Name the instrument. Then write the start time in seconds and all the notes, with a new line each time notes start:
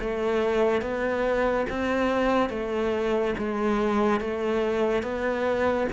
cello
0.00 A3
0.81 B3
1.69 C4
2.50 A3
3.38 G#3
4.20 A3
5.03 B3